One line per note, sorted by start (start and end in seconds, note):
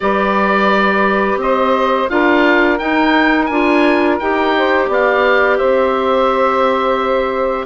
0.00 1.36 G3
0.00 2.09 G4
0.00 1.41 B4
0.00 1.38 D5
1.36 2.06 C4
1.36 2.10 C5
1.36 2.09 D#5
2.09 2.80 D4
2.09 2.78 F4
2.09 4.56 A#4
2.09 2.78 F5
2.78 3.49 D#4
2.78 3.45 G5
3.45 4.19 D4
3.45 4.20 F4
3.45 4.15 G#5
4.19 4.88 D#4
4.19 7.66 G4
4.19 4.89 G5
4.57 4.88 C5
4.88 5.58 B3
4.88 5.57 D5
4.88 5.58 F5
5.57 7.66 C4
5.57 7.66 C5
5.57 7.66 E5